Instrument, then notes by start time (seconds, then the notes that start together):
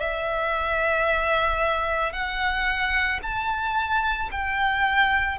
violin
0.00 E5
2.13 F#5
3.22 A5
4.31 G5